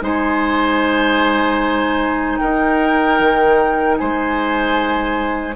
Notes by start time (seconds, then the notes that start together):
0.00 G#3 D#4 C5
0.06 G#5
2.38 D#4 A#4 G5
3.20 D#3
3.98 G#3 C5 G#5